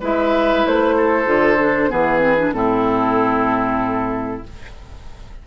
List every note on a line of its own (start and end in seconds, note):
0.00 0.65 G#3
0.00 1.25 E4
0.00 0.95 B4
0.00 0.66 E5
0.66 1.26 A3
0.66 1.91 C5
0.97 1.90 A4
1.25 1.89 D3
1.25 1.57 F4
1.58 1.89 D4
1.89 2.53 E3
1.89 2.19 B3
1.89 2.53 G#4
1.89 2.53 B4
2.19 2.35 C4
2.38 2.54 D4
2.53 4.42 A2
2.53 4.43 C4
2.53 4.47 E4
2.53 4.42 A4